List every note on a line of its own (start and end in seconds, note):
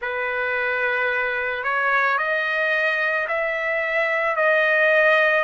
0.01 1.63 B4
1.63 2.18 C#5
2.18 3.27 D#5
3.27 4.36 E5
4.36 5.43 D#5